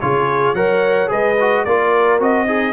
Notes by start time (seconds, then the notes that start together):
0.00 C#3 F4 G#4 C#5
0.53 F#3 A#4 C#5 F#5
1.07 G#3 G#4 B4 D#5
1.40 F#4
1.64 A#3 F4 A#4 D5
2.19 C4 F#4 D#5
2.45 D#4 G#4